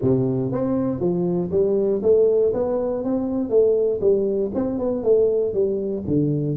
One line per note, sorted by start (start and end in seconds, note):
0.01 0.52 C3
0.52 1.00 C4
1.00 1.50 F3
1.51 2.01 G3
2.02 2.52 A3
2.53 3.04 B3
3.04 3.49 C4
3.49 4.00 A3
4.01 4.51 G3
4.54 4.79 C4
4.79 5.03 B3
5.03 5.53 A3
5.53 6.03 G3
6.07 6.57 D3